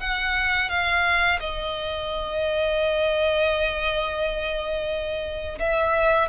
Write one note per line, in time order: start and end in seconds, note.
0.00 0.69 F#5
0.69 1.39 F5
1.40 5.58 D#5
5.59 6.29 E5